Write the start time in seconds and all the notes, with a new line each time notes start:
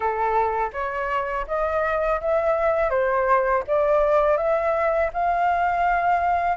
0.00 A4
0.72 C#5
1.47 D#5
2.21 E5
2.90 C5
3.67 D5
4.37 E5
5.13 F5